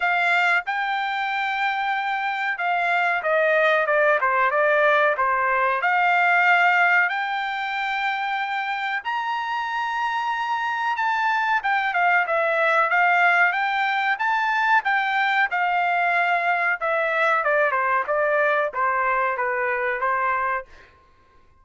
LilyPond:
\new Staff \with { instrumentName = "trumpet" } { \time 4/4 \tempo 4 = 93 f''4 g''2. | f''4 dis''4 d''8 c''8 d''4 | c''4 f''2 g''4~ | g''2 ais''2~ |
ais''4 a''4 g''8 f''8 e''4 | f''4 g''4 a''4 g''4 | f''2 e''4 d''8 c''8 | d''4 c''4 b'4 c''4 | }